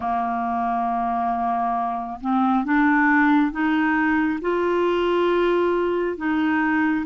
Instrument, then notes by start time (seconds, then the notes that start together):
clarinet
0.00 A#3
2.21 C4
2.64 D4
3.51 D#4
4.41 F4
6.17 D#4